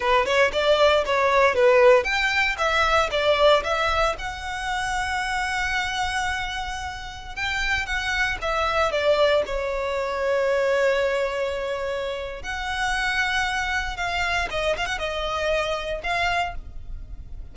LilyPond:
\new Staff \with { instrumentName = "violin" } { \time 4/4 \tempo 4 = 116 b'8 cis''8 d''4 cis''4 b'4 | g''4 e''4 d''4 e''4 | fis''1~ | fis''2~ fis''16 g''4 fis''8.~ |
fis''16 e''4 d''4 cis''4.~ cis''16~ | cis''1 | fis''2. f''4 | dis''8 f''16 fis''16 dis''2 f''4 | }